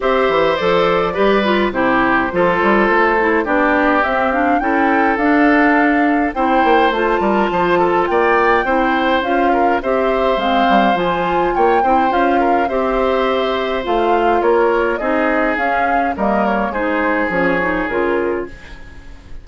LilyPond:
<<
  \new Staff \with { instrumentName = "flute" } { \time 4/4 \tempo 4 = 104 e''4 d''2 c''4~ | c''2 d''4 e''8 f''8 | g''4 f''2 g''4 | a''2 g''2 |
f''4 e''4 f''4 gis''4 | g''4 f''4 e''2 | f''4 cis''4 dis''4 f''4 | dis''8 cis''8 c''4 cis''4 ais'4 | }
  \new Staff \with { instrumentName = "oboe" } { \time 4/4 c''2 b'4 g'4 | a'2 g'2 | a'2. c''4~ | c''8 ais'8 c''8 a'8 d''4 c''4~ |
c''8 ais'8 c''2. | cis''8 c''4 ais'8 c''2~ | c''4 ais'4 gis'2 | ais'4 gis'2. | }
  \new Staff \with { instrumentName = "clarinet" } { \time 4/4 g'4 a'4 g'8 f'8 e'4 | f'4. e'8 d'4 c'8 d'8 | e'4 d'2 e'4 | f'2. e'4 |
f'4 g'4 c'4 f'4~ | f'8 e'8 f'4 g'2 | f'2 dis'4 cis'4 | ais4 dis'4 cis'8 dis'8 f'4 | }
  \new Staff \with { instrumentName = "bassoon" } { \time 4/4 c'8 e8 f4 g4 c4 | f8 g8 a4 b4 c'4 | cis'4 d'2 c'8 ais8 | a8 g8 f4 ais4 c'4 |
cis'4 c'4 gis8 g8 f4 | ais8 c'8 cis'4 c'2 | a4 ais4 c'4 cis'4 | g4 gis4 f4 cis4 | }
>>